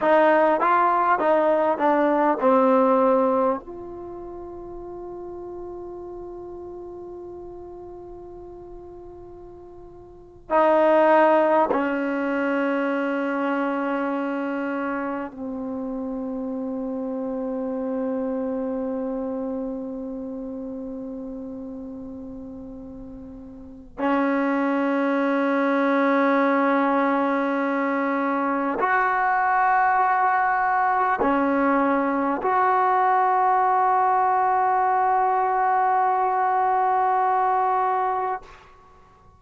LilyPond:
\new Staff \with { instrumentName = "trombone" } { \time 4/4 \tempo 4 = 50 dis'8 f'8 dis'8 d'8 c'4 f'4~ | f'1~ | f'8. dis'4 cis'2~ cis'16~ | cis'8. c'2.~ c'16~ |
c'1 | cis'1 | fis'2 cis'4 fis'4~ | fis'1 | }